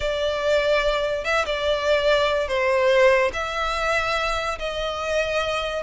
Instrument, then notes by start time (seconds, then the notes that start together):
violin
0.00 D5
1.24 E5
1.45 D5
2.48 C5
3.33 E5
4.58 D#5